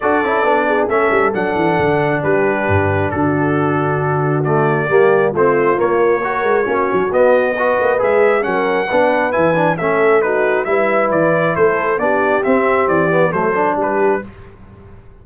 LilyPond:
<<
  \new Staff \with { instrumentName = "trumpet" } { \time 4/4 \tempo 4 = 135 d''2 e''4 fis''4~ | fis''4 b'2 a'4~ | a'2 d''2 | c''4 cis''2. |
dis''2 e''4 fis''4~ | fis''4 gis''4 e''4 b'4 | e''4 d''4 c''4 d''4 | e''4 d''4 c''4 b'4 | }
  \new Staff \with { instrumentName = "horn" } { \time 4/4 a'4. gis'8 a'2~ | a'4 g'2 fis'4~ | fis'2. g'4 | f'2 ais'4 fis'4~ |
fis'4 b'2 ais'4 | b'2 a'4 fis'4 | b'2 a'4 g'4~ | g'2 a'4 g'4 | }
  \new Staff \with { instrumentName = "trombone" } { \time 4/4 fis'8 e'8 d'4 cis'4 d'4~ | d'1~ | d'2 a4 ais4 | c'4 ais4 fis'4 cis'4 |
b4 fis'4 gis'4 cis'4 | d'4 e'8 d'8 cis'4 dis'4 | e'2. d'4 | c'4. b8 a8 d'4. | }
  \new Staff \with { instrumentName = "tuba" } { \time 4/4 d'8 cis'8 b4 a8 g8 fis8 e8 | d4 g4 g,4 d4~ | d2. g4 | a4 ais4. gis8 ais8 fis8 |
b4. ais8 gis4 fis4 | b4 e4 a2 | g4 e4 a4 b4 | c'4 e4 fis4 g4 | }
>>